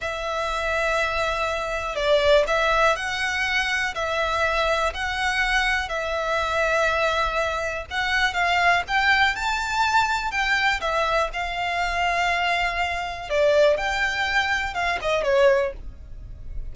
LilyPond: \new Staff \with { instrumentName = "violin" } { \time 4/4 \tempo 4 = 122 e''1 | d''4 e''4 fis''2 | e''2 fis''2 | e''1 |
fis''4 f''4 g''4 a''4~ | a''4 g''4 e''4 f''4~ | f''2. d''4 | g''2 f''8 dis''8 cis''4 | }